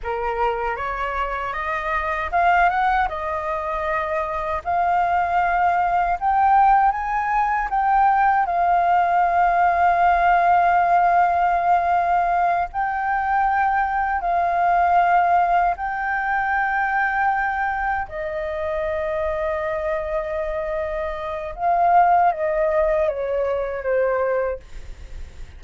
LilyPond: \new Staff \with { instrumentName = "flute" } { \time 4/4 \tempo 4 = 78 ais'4 cis''4 dis''4 f''8 fis''8 | dis''2 f''2 | g''4 gis''4 g''4 f''4~ | f''1~ |
f''8 g''2 f''4.~ | f''8 g''2. dis''8~ | dis''1 | f''4 dis''4 cis''4 c''4 | }